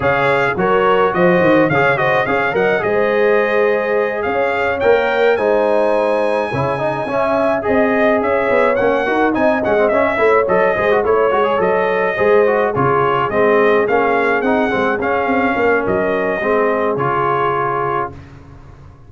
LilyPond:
<<
  \new Staff \with { instrumentName = "trumpet" } { \time 4/4 \tempo 4 = 106 f''4 cis''4 dis''4 f''8 dis''8 | f''8 fis''8 dis''2~ dis''8 f''8~ | f''8 g''4 gis''2~ gis''8~ | gis''4. dis''4 e''4 fis''8~ |
fis''8 gis''8 fis''8 e''4 dis''4 cis''8~ | cis''8 dis''2 cis''4 dis''8~ | dis''8 f''4 fis''4 f''4. | dis''2 cis''2 | }
  \new Staff \with { instrumentName = "horn" } { \time 4/4 cis''4 ais'4 c''4 cis''8 c''8 | cis''8 dis''8 c''2~ c''8 cis''8~ | cis''4. c''2 cis''8 | dis''8 e''4 dis''4 cis''4. |
ais'8 dis''4. cis''4 c''8 cis''8~ | cis''4. c''4 gis'4.~ | gis'2.~ gis'8 ais'8~ | ais'4 gis'2. | }
  \new Staff \with { instrumentName = "trombone" } { \time 4/4 gis'4 fis'2 gis'8 fis'8 | gis'8 ais'8 gis'2.~ | gis'8 ais'4 dis'2 e'8 | dis'8 cis'4 gis'2 cis'8 |
fis'8 dis'8 cis'16 c'16 cis'8 e'8 a'8 gis'16 fis'16 e'8 | fis'16 gis'16 a'4 gis'8 fis'8 f'4 c'8~ | c'8 cis'4 dis'8 c'8 cis'4.~ | cis'4 c'4 f'2 | }
  \new Staff \with { instrumentName = "tuba" } { \time 4/4 cis4 fis4 f8 dis8 cis4 | cis'8 fis8 gis2~ gis8 cis'8~ | cis'8 ais4 gis2 cis8~ | cis8 cis'4 c'4 cis'8 b8 ais8 |
dis'8 c'8 gis8 cis'8 a8 fis8 gis8 a8 | gis8 fis4 gis4 cis4 gis8~ | gis8 ais4 c'8 gis8 cis'8 c'8 ais8 | fis4 gis4 cis2 | }
>>